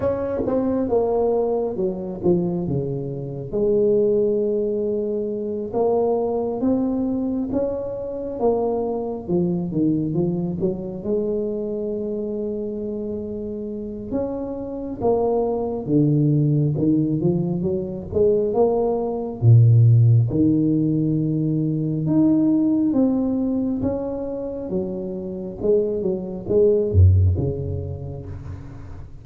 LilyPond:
\new Staff \with { instrumentName = "tuba" } { \time 4/4 \tempo 4 = 68 cis'8 c'8 ais4 fis8 f8 cis4 | gis2~ gis8 ais4 c'8~ | c'8 cis'4 ais4 f8 dis8 f8 | fis8 gis2.~ gis8 |
cis'4 ais4 d4 dis8 f8 | fis8 gis8 ais4 ais,4 dis4~ | dis4 dis'4 c'4 cis'4 | fis4 gis8 fis8 gis8 fis,8 cis4 | }